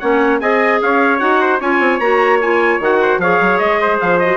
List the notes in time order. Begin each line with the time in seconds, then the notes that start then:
0.00 A#3 C#4 C#5 F#5
0.40 C4 G#4 D#5 G#5
0.82 C#4 C#5 F5
1.19 D#4 F#4 F#5
1.42 C5
1.61 C#4 F4 C#5 G#5
1.80 C4
2.00 A#3 F#4 A#5
2.41 F4 G#5
2.80 D#3 F#4 F#5
3.01 C5
3.18 F3 G#4 C#5 F5
3.41 F#3
3.59 G#3 D#5
3.81 C5
4.00 F3 F5
4.19 F#4 D#5